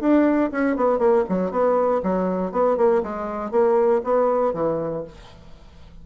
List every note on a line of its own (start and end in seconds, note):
0.00 0.50 D4
0.51 0.76 C#4
0.76 0.99 B3
0.99 1.24 A#3
1.29 1.51 F#3
1.51 2.01 B3
2.03 2.52 F#3
2.52 2.77 B3
2.77 3.02 A#3
3.03 3.51 G#3
3.51 4.01 A#3
4.04 4.53 B3
4.53 5.04 E3